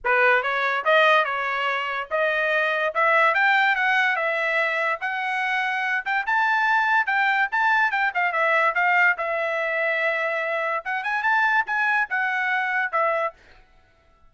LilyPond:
\new Staff \with { instrumentName = "trumpet" } { \time 4/4 \tempo 4 = 144 b'4 cis''4 dis''4 cis''4~ | cis''4 dis''2 e''4 | g''4 fis''4 e''2 | fis''2~ fis''8 g''8 a''4~ |
a''4 g''4 a''4 g''8 f''8 | e''4 f''4 e''2~ | e''2 fis''8 gis''8 a''4 | gis''4 fis''2 e''4 | }